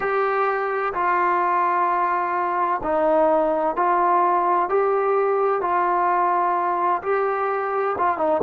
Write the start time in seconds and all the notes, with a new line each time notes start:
0.00 G4
0.93 F4
2.83 D#4
3.75 F4
4.69 G4
5.61 F4
7.02 G4
7.98 F4
8.17 D#4